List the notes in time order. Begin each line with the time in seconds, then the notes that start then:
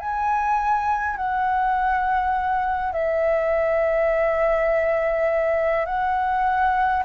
0.00 G#5
1.17 F#5
2.93 E5
5.86 F#5